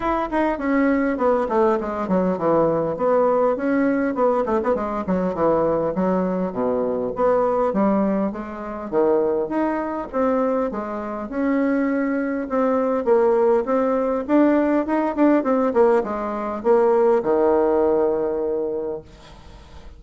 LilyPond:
\new Staff \with { instrumentName = "bassoon" } { \time 4/4 \tempo 4 = 101 e'8 dis'8 cis'4 b8 a8 gis8 fis8 | e4 b4 cis'4 b8 a16 b16 | gis8 fis8 e4 fis4 b,4 | b4 g4 gis4 dis4 |
dis'4 c'4 gis4 cis'4~ | cis'4 c'4 ais4 c'4 | d'4 dis'8 d'8 c'8 ais8 gis4 | ais4 dis2. | }